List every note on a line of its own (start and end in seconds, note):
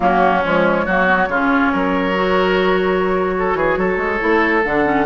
0.00 0.43 F#3
0.00 0.41 A#3
0.00 0.85 C#4
0.00 0.43 F#4
0.43 0.86 F3
0.43 0.87 G#3
0.43 4.64 C#5
0.85 1.28 F#3
0.85 1.06 A#3
0.85 1.28 F#4
1.06 1.27 B3
1.28 1.71 C#3
1.28 2.14 C#4
1.28 1.72 F4
1.72 3.54 F#3
1.72 3.33 A#4
2.14 4.19 F#4
3.38 3.57 A4
3.54 3.76 E3
3.54 3.78 G#4
3.77 3.97 F#3
3.77 5.06 A4
3.97 4.19 G#3
4.19 4.64 A3
4.19 4.62 E4
4.63 5.06 D3
4.63 4.84 D4
4.63 5.06 F#5
4.84 5.05 C#4